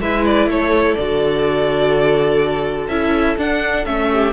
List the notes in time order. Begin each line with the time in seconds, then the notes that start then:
0.00 G#3 E4 B4 E5
0.25 D5
0.47 A3 A4 C#5
0.95 D3 F#4 D5
2.88 C#4 E4 E5
3.38 D4 F#5
3.85 A3 C#4 E5
4.12 G4